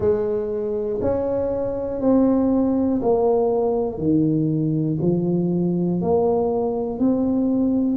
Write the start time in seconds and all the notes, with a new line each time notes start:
0.00 G#3
1.01 C#4
2.00 C4
3.02 A#3
3.98 D#3
5.01 F3
6.01 A#3
6.99 C4